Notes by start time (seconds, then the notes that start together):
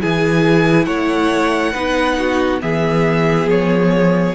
0.00 E3 E4 G#4 G#5
0.85 A3 C#5 F#5
1.73 B3 D#4 B4
2.19 F#4
2.61 E3 B3 G#4 E5
3.47 F3 C#5